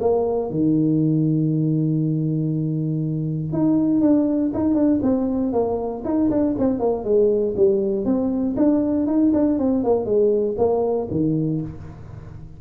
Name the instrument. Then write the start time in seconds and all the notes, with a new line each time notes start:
tuba
0.00 A#3
0.50 D#3
3.52 D#4
4.01 D4
4.54 D#4
4.74 D4
5.02 C4
5.53 A#3
6.04 D#4
6.30 D4
6.58 C4
6.79 A#3
7.04 G#3
7.57 G3
8.05 C4
8.57 D4
9.07 D#4
9.33 D4
9.58 C4
9.83 A#3
10.05 G#3
10.58 A#3
11.10 D#3